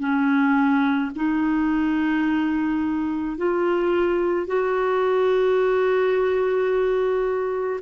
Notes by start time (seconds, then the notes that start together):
0.00 C#4
1.16 D#4
3.38 F4
4.47 F#4